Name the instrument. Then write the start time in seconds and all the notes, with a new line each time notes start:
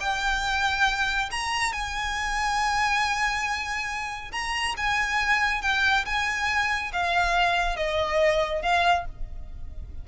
violin
0.00 G5
1.31 A#5
1.72 G#5
4.32 A#5
4.77 G#5
5.62 G5
6.05 G#5
6.92 F5
7.76 D#5
8.62 F5